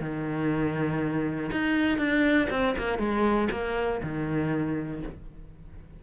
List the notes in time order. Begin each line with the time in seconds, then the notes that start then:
0.00 D#3
1.51 D#4
1.98 D4
2.50 C4
2.77 A#3
2.98 G#3
3.51 A#3
4.02 D#3